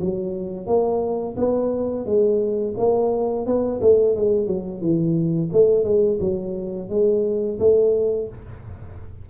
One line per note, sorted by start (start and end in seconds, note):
0.00 0.67 F#3
0.67 1.36 A#3
1.37 2.06 B3
2.06 2.75 G#3
2.77 3.46 A#3
3.46 3.81 B3
3.81 4.16 A3
4.16 4.47 G#3
4.47 4.82 F#3
4.82 5.50 E3
5.53 5.84 A3
5.84 6.19 G#3
6.20 6.89 F#3
6.90 7.59 G#3
7.60 8.29 A3